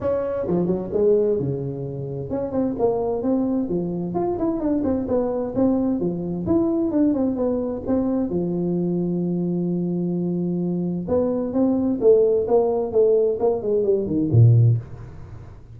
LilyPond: \new Staff \with { instrumentName = "tuba" } { \time 4/4 \tempo 4 = 130 cis'4 f8 fis8 gis4 cis4~ | cis4 cis'8 c'8 ais4 c'4 | f4 f'8 e'8 d'8 c'8 b4 | c'4 f4 e'4 d'8 c'8 |
b4 c'4 f2~ | f1 | b4 c'4 a4 ais4 | a4 ais8 gis8 g8 dis8 ais,4 | }